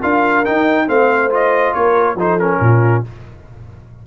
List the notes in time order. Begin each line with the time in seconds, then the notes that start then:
0.00 D4 F4 A#4 F5
0.46 D#4 G5
0.87 A3 C4 C5 F5
1.31 F4 D#5
1.74 A#3 A#4 C#5
2.16 F3 D#4 A4 C5
2.40 C#4 A#4
2.60 A#2 F4